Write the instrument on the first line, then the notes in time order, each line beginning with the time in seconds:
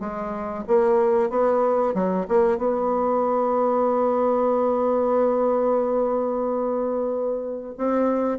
bassoon
0.00 G#3
0.68 A#3
1.30 B3
1.94 F#3
2.28 A#3
2.58 B3
7.78 C4